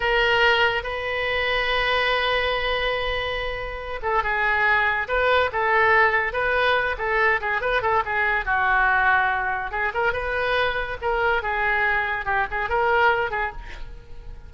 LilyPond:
\new Staff \with { instrumentName = "oboe" } { \time 4/4 \tempo 4 = 142 ais'2 b'2~ | b'1~ | b'4. a'8 gis'2 | b'4 a'2 b'4~ |
b'8 a'4 gis'8 b'8 a'8 gis'4 | fis'2. gis'8 ais'8 | b'2 ais'4 gis'4~ | gis'4 g'8 gis'8 ais'4. gis'8 | }